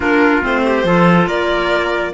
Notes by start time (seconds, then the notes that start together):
0.00 A#3 D4 F4 A#4
0.42 A3 C4 C5
0.65 G4
0.84 F3 F4 A4
1.27 A#3 A#4 D5